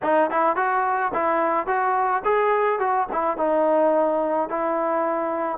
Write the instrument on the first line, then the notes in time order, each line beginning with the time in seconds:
trombone
0.02 D#4
0.30 E4
0.56 F#4
1.13 E4
1.66 F#4
2.24 G#4
2.79 F#4
3.12 E4
3.37 D#4
4.49 E4